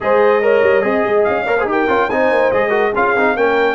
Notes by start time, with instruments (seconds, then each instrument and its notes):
0.00 tuba G#3, trombone G#4, horn C5, trumpet D#5
0.42 trombone A#4, horn C#5
0.62 tuba G3
0.82 tuba C4, trombone G#4, horn D#5
1.05 tuba G#3
1.24 tuba C#4, trumpet F5
1.46 tuba A#3, trombone A#4, horn C#5
1.57 trombone G#4, horn C5
1.64 tuba D#4, trombone G4
1.71 horn A#4, trumpet G5
1.88 tuba C#4, trombone F4
2.10 tuba C4, trombone D#4, horn C5, trumpet G#5
2.30 tuba A#3
2.51 tuba G#3, trombone G#4, trumpet D#5
2.69 trombone F#4, horn A#4
2.95 tuba C#4, trombone F4, horn G#4, trumpet F5
3.16 tuba C4, trombone D#4
3.36 tuba A#3, trombone C#4, horn A#4, trumpet G5